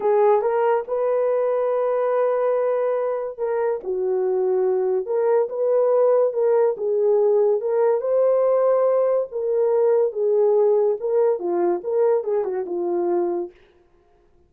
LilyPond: \new Staff \with { instrumentName = "horn" } { \time 4/4 \tempo 4 = 142 gis'4 ais'4 b'2~ | b'1 | ais'4 fis'2. | ais'4 b'2 ais'4 |
gis'2 ais'4 c''4~ | c''2 ais'2 | gis'2 ais'4 f'4 | ais'4 gis'8 fis'8 f'2 | }